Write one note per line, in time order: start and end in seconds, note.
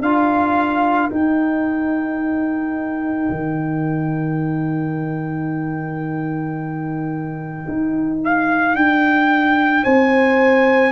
0.00 1.09 D4
0.00 1.11 F4
0.00 9.82 A#4
0.00 1.10 F5
1.10 3.29 D#4
1.10 10.92 D#4
1.10 8.19 G5
3.30 7.66 D#3
7.68 8.75 D#4
8.24 8.75 F5
8.75 9.84 D4
8.75 9.84 G5
9.83 10.92 C4
9.83 10.92 C5
9.83 10.92 G#5